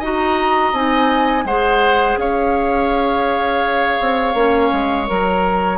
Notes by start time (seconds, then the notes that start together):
0.00 D#4 F#4 D#5 A#5
0.73 C4 D#4 G#5
1.45 G#3 G#4 C5 F#5
2.17 C#4 C#5 F5
4.01 C4
4.34 A#3 C#4
4.73 G#3
5.07 F#3 A#4 A#5